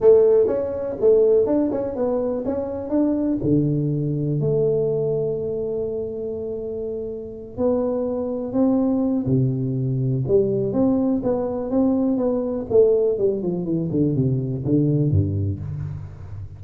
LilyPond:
\new Staff \with { instrumentName = "tuba" } { \time 4/4 \tempo 4 = 123 a4 cis'4 a4 d'8 cis'8 | b4 cis'4 d'4 d4~ | d4 a2.~ | a2.~ a8 b8~ |
b4. c'4. c4~ | c4 g4 c'4 b4 | c'4 b4 a4 g8 f8 | e8 d8 c4 d4 g,4 | }